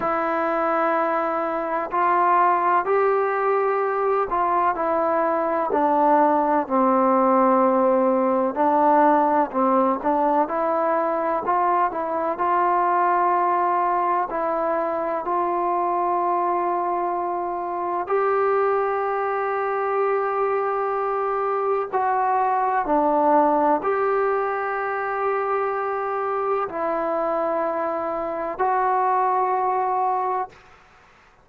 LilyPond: \new Staff \with { instrumentName = "trombone" } { \time 4/4 \tempo 4 = 63 e'2 f'4 g'4~ | g'8 f'8 e'4 d'4 c'4~ | c'4 d'4 c'8 d'8 e'4 | f'8 e'8 f'2 e'4 |
f'2. g'4~ | g'2. fis'4 | d'4 g'2. | e'2 fis'2 | }